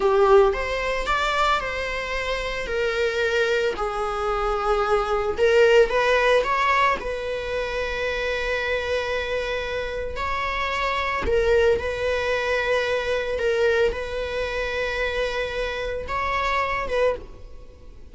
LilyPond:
\new Staff \with { instrumentName = "viola" } { \time 4/4 \tempo 4 = 112 g'4 c''4 d''4 c''4~ | c''4 ais'2 gis'4~ | gis'2 ais'4 b'4 | cis''4 b'2.~ |
b'2. cis''4~ | cis''4 ais'4 b'2~ | b'4 ais'4 b'2~ | b'2 cis''4. b'8 | }